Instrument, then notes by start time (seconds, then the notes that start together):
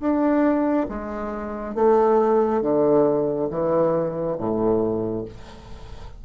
bassoon
0.00 D4
0.89 G#3
1.75 A3
2.62 D3
3.50 E3
4.38 A2